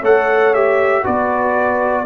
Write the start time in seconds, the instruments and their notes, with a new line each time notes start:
0.00 tuba A3, trombone A4, horn C#5, trumpet F#5
0.54 trombone G4, trumpet E5
1.03 tuba B3, trombone F#4, horn B4, trumpet D5